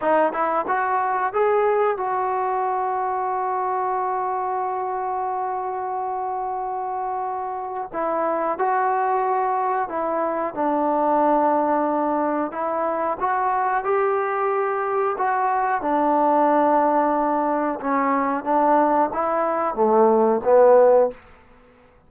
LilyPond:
\new Staff \with { instrumentName = "trombone" } { \time 4/4 \tempo 4 = 91 dis'8 e'8 fis'4 gis'4 fis'4~ | fis'1~ | fis'1 | e'4 fis'2 e'4 |
d'2. e'4 | fis'4 g'2 fis'4 | d'2. cis'4 | d'4 e'4 a4 b4 | }